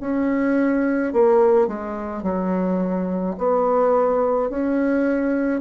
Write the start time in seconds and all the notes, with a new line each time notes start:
0.00 C#4
1.13 A#3
1.68 G#3
2.22 F#3
3.38 B3
4.50 C#4